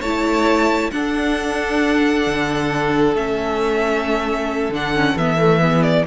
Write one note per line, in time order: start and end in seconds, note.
0.00 0.91 A3
0.00 0.92 E4
0.00 0.90 C#5
0.00 0.90 A5
0.91 3.16 D4
0.91 2.26 D4
0.91 5.62 A4
0.91 3.14 F#5
2.26 3.14 D3
3.14 4.69 A3
3.14 4.72 C#4
3.14 4.73 E5
4.69 5.14 D3
4.69 4.94 D4
4.69 5.17 F#5
4.94 5.17 C#4
5.15 6.05 E3
5.15 5.38 B3
5.15 5.82 E5
5.38 5.59 A3
5.59 6.04 B3
5.59 6.06 G#4
5.82 6.05 D5